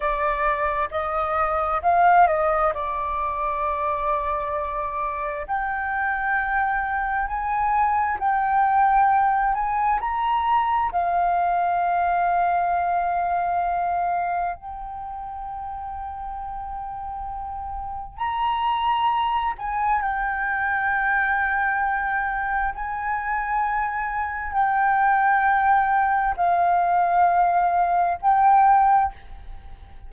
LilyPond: \new Staff \with { instrumentName = "flute" } { \time 4/4 \tempo 4 = 66 d''4 dis''4 f''8 dis''8 d''4~ | d''2 g''2 | gis''4 g''4. gis''8 ais''4 | f''1 |
g''1 | ais''4. gis''8 g''2~ | g''4 gis''2 g''4~ | g''4 f''2 g''4 | }